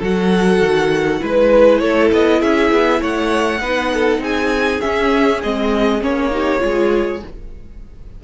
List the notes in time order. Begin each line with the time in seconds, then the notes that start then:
0.00 F#3 F#4 A4 F#5
0.61 D#3
1.20 G#3 E4 B4
1.79 A3 A4 C#5
2.13 B3 D#5
2.41 C#4 G#4 E5
2.72 B3
3.01 A3 C#5 F#5
3.60 B3 D#4 B4
3.94 A4
4.19 C4 G#4 G#5
4.81 C#4 E5
5.43 G#3 C4 D#5
6.01 A#3 C#4 C#5
6.31 D#4 G4
6.59 G#3 F4 G#4